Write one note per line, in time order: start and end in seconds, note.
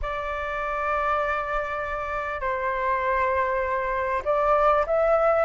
0.02 2.40 D5
2.40 4.22 C5
4.25 4.85 D5
4.86 5.45 E5